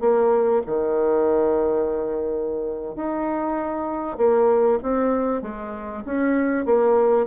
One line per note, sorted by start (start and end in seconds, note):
0.00 0.62 A#3
0.66 2.95 D#3
2.95 4.17 D#4
4.17 4.79 A#3
4.82 5.42 C4
5.42 6.03 G#3
6.05 6.65 C#4
6.65 7.27 A#3